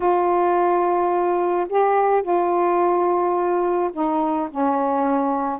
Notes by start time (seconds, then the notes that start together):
0.00 F4
1.69 G4
2.22 F4
3.93 D#4
4.51 C#4